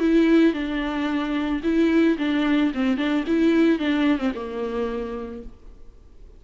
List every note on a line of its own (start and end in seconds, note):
0.00 0.54 E4
0.54 1.62 D4
1.64 2.18 E4
2.19 2.73 D4
2.74 2.98 C4
2.98 3.25 D4
3.27 3.79 E4
3.79 4.19 D4
4.19 4.33 C4
4.35 5.43 A#3